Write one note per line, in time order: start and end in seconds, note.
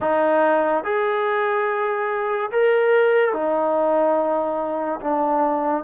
0.00 0.84 D#4
0.84 2.50 G#4
2.51 3.33 A#4
3.33 5.00 D#4
5.00 5.84 D4